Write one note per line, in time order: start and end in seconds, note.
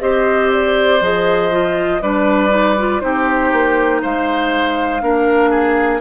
0.00 1.01 C4
0.00 1.00 G4
0.00 2.02 C5
0.00 0.50 D#5
0.53 1.02 D5
1.01 2.01 F3
1.01 1.51 G#4
1.01 2.02 D#5
1.51 2.01 F4
2.01 3.01 G3
2.01 2.49 D4
2.01 3.02 B4
2.01 3.00 D5
2.49 2.74 D#4
2.78 3.01 F4
3.00 3.52 C4
3.00 5.00 D#4
3.00 4.01 G4
3.00 4.00 C5
3.52 4.02 A#3
4.01 5.01 G#3
4.01 5.01 C5
4.01 6.01 F5
5.00 6.01 A#3
5.00 6.00 D4
5.00 5.50 A#4
5.50 6.00 G#4